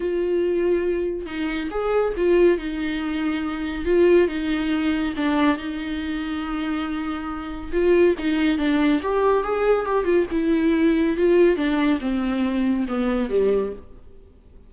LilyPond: \new Staff \with { instrumentName = "viola" } { \time 4/4 \tempo 4 = 140 f'2. dis'4 | gis'4 f'4 dis'2~ | dis'4 f'4 dis'2 | d'4 dis'2.~ |
dis'2 f'4 dis'4 | d'4 g'4 gis'4 g'8 f'8 | e'2 f'4 d'4 | c'2 b4 g4 | }